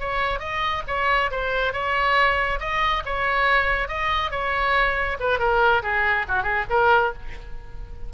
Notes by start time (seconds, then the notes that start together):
0.00 C#5
0.40 D#5
0.88 C#5
1.31 C5
1.73 C#5
2.60 D#5
3.06 C#5
3.88 D#5
4.31 C#5
5.20 B4
5.39 A#4
5.83 G#4
6.28 F#4
6.44 G#4
6.70 A#4